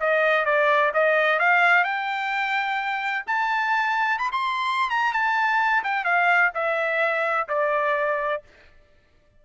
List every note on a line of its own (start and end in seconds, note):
0.00 0.45 D#5
0.45 0.92 D5
0.94 1.39 D#5
1.39 1.84 F5
1.84 3.25 G5
3.27 4.19 A5
4.19 4.30 B5
4.32 4.90 C6
4.90 5.13 A#5
5.13 5.83 A5
5.84 6.04 G5
6.04 6.51 F5
6.55 7.48 E5
7.49 8.42 D5